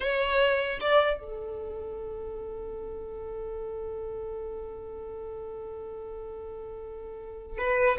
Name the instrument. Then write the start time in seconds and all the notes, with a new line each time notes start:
violin
0.00 C#5
0.80 D5
1.19 A4
7.57 B4